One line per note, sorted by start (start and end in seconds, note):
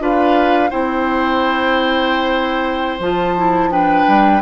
0.00 0.71 D4
0.00 0.70 F4
0.00 0.70 B4
0.00 0.70 F5
0.70 2.99 C4
0.70 2.99 E4
0.70 3.70 C5
0.70 3.00 G5
2.99 4.05 F3
2.99 3.37 F4
2.99 3.71 A5
3.37 3.71 E4
3.71 4.41 D4
3.71 4.41 B4
3.71 4.41 G5
4.07 4.41 G3